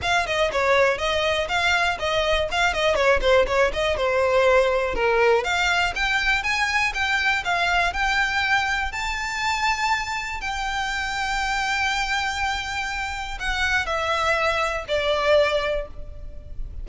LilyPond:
\new Staff \with { instrumentName = "violin" } { \time 4/4 \tempo 4 = 121 f''8 dis''8 cis''4 dis''4 f''4 | dis''4 f''8 dis''8 cis''8 c''8 cis''8 dis''8 | c''2 ais'4 f''4 | g''4 gis''4 g''4 f''4 |
g''2 a''2~ | a''4 g''2.~ | g''2. fis''4 | e''2 d''2 | }